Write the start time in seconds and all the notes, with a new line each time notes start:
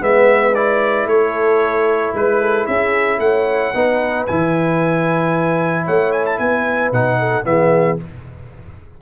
0.00 G#3 B3 B4 E5
0.54 E4 D5
1.05 A3 A4 C#5
2.13 G#3 B4
2.40 A4
2.66 C#4 G#4 E5
3.18 A3 C#5 F#5
3.74 B3 D#4 B4
4.26 E3 E4 G#5
5.85 A3 C#5 F#5
6.12 G#5
6.26 A5
6.38 B3 B4 G#5
6.92 B2 D#4 F#5
7.19 A4
7.43 E3 B3 G#4 E5